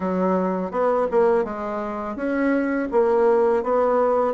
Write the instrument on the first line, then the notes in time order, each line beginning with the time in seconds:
bassoon
0.00 F#3
0.71 B3
1.11 A#3
1.44 G#3
2.16 C#4
2.91 A#3
3.63 B3